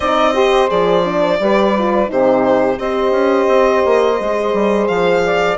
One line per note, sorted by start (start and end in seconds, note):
0.00 0.69 C4
0.00 0.33 D#4
0.00 0.34 D5
0.00 0.69 D#5
0.33 0.67 G4
0.33 1.38 C5
0.67 1.39 F3
0.67 1.02 G#4
0.67 2.09 D5
1.04 1.39 D4
1.39 2.09 G3
1.39 1.75 G4
1.39 2.10 B4
1.78 2.06 F4
2.06 2.79 C3
2.06 2.76 D#4
2.06 2.78 G4
2.06 2.78 C5
2.78 3.11 C4
2.78 4.17 G4
2.78 5.23 C5
2.78 4.87 D#5
3.11 3.46 C#4
3.48 3.82 C4
3.85 4.19 A#3
4.19 4.53 G#3
4.19 5.57 G#4
4.53 4.88 G3
4.87 5.57 F3
4.87 5.57 F5
5.24 5.57 D5